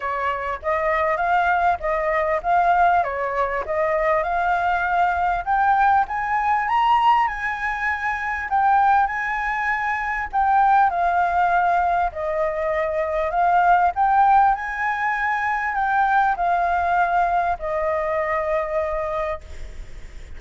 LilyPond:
\new Staff \with { instrumentName = "flute" } { \time 4/4 \tempo 4 = 99 cis''4 dis''4 f''4 dis''4 | f''4 cis''4 dis''4 f''4~ | f''4 g''4 gis''4 ais''4 | gis''2 g''4 gis''4~ |
gis''4 g''4 f''2 | dis''2 f''4 g''4 | gis''2 g''4 f''4~ | f''4 dis''2. | }